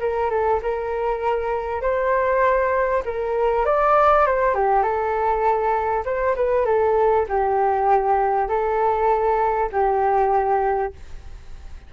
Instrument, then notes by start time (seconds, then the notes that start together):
flute
0.00 A#4
0.30 A4
0.63 A#4
1.82 C5
3.05 A#4
3.66 D5
4.27 C5
4.55 G4
4.83 A4
6.05 C5
6.36 B4
6.66 A4
7.29 G4
8.48 A4
9.72 G4